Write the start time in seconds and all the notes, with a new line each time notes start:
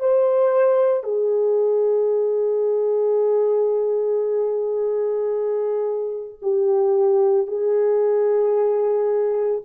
0.00 C5
1.04 G#4
6.42 G4
7.47 G#4